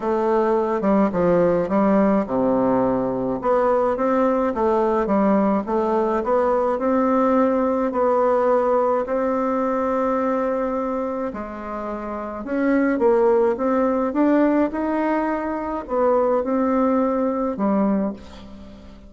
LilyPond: \new Staff \with { instrumentName = "bassoon" } { \time 4/4 \tempo 4 = 106 a4. g8 f4 g4 | c2 b4 c'4 | a4 g4 a4 b4 | c'2 b2 |
c'1 | gis2 cis'4 ais4 | c'4 d'4 dis'2 | b4 c'2 g4 | }